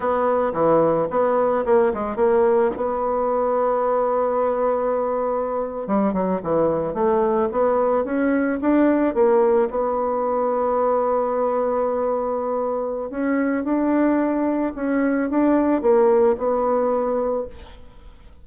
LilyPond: \new Staff \with { instrumentName = "bassoon" } { \time 4/4 \tempo 4 = 110 b4 e4 b4 ais8 gis8 | ais4 b2.~ | b2~ b8. g8 fis8 e16~ | e8. a4 b4 cis'4 d'16~ |
d'8. ais4 b2~ b16~ | b1 | cis'4 d'2 cis'4 | d'4 ais4 b2 | }